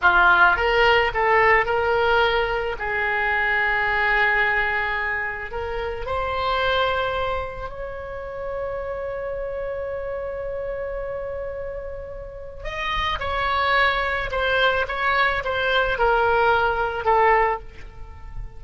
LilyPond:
\new Staff \with { instrumentName = "oboe" } { \time 4/4 \tempo 4 = 109 f'4 ais'4 a'4 ais'4~ | ais'4 gis'2.~ | gis'2 ais'4 c''4~ | c''2 cis''2~ |
cis''1~ | cis''2. dis''4 | cis''2 c''4 cis''4 | c''4 ais'2 a'4 | }